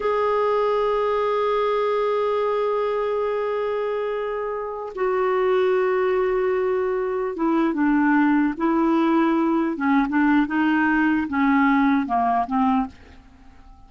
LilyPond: \new Staff \with { instrumentName = "clarinet" } { \time 4/4 \tempo 4 = 149 gis'1~ | gis'1~ | gis'1~ | gis'16 fis'2.~ fis'8.~ |
fis'2~ fis'16 e'4 d'8.~ | d'4~ d'16 e'2~ e'8.~ | e'16 cis'8. d'4 dis'2 | cis'2 ais4 c'4 | }